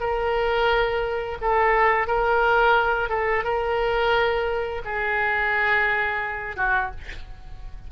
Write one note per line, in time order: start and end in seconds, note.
0.00 1.38 A#4
1.41 2.07 A4
2.07 3.10 A#4
3.10 3.44 A4
3.44 4.82 A#4
4.85 6.56 G#4
6.56 6.91 F#4